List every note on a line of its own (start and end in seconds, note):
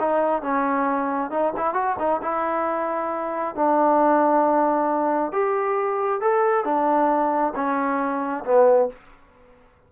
0.00 0.42 D#4
0.42 1.31 C#4
1.31 1.53 D#4
1.57 1.74 E4
1.74 1.96 F#4
1.99 2.21 D#4
2.22 3.56 E4
3.56 5.33 D4
5.33 6.21 G4
6.21 6.65 A4
6.65 7.54 D4
7.56 8.44 C#4
8.45 8.89 B3